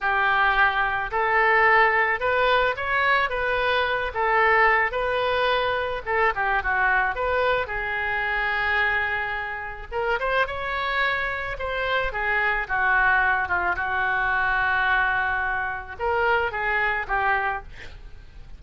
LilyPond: \new Staff \with { instrumentName = "oboe" } { \time 4/4 \tempo 4 = 109 g'2 a'2 | b'4 cis''4 b'4. a'8~ | a'4 b'2 a'8 g'8 | fis'4 b'4 gis'2~ |
gis'2 ais'8 c''8 cis''4~ | cis''4 c''4 gis'4 fis'4~ | fis'8 f'8 fis'2.~ | fis'4 ais'4 gis'4 g'4 | }